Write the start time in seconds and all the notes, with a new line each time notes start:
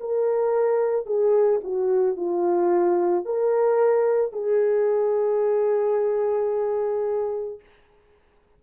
0.00 A#4
1.06 G#4
1.64 F#4
2.16 F4
3.25 A#4
4.32 G#4